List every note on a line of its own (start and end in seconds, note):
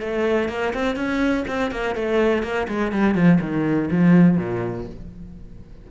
0.00 0.49 A3
0.49 0.74 A#3
0.74 0.96 C4
0.96 1.45 C#4
1.48 1.71 C4
1.71 1.96 A#3
1.96 2.43 A3
2.43 2.67 A#3
2.68 2.92 G#3
2.92 3.15 G3
3.15 3.39 F3
3.41 3.90 D#3
3.91 4.38 F3
4.38 4.87 A#2